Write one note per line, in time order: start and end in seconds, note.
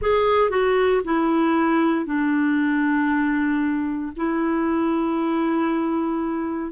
0.01 0.50 G#4
0.50 1.02 F#4
1.04 2.05 E4
2.05 4.12 D4
4.16 6.72 E4